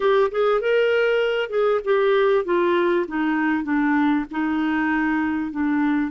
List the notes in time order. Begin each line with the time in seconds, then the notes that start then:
0.00 G4
0.31 G#4
0.61 A#4
1.49 G#4
1.84 G4
2.44 F4
3.07 D#4
3.63 D4
4.31 D#4
5.51 D4